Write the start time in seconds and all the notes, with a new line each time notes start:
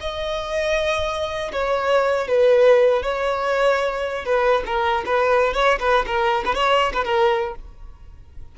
0.00 D#5
1.52 C#5
2.27 B4
3.02 C#5
4.25 B4
4.66 A#4
5.05 B4
5.53 C#5
5.80 B4
6.06 A#4
6.45 B4
6.54 C#5
6.93 B4
7.04 A#4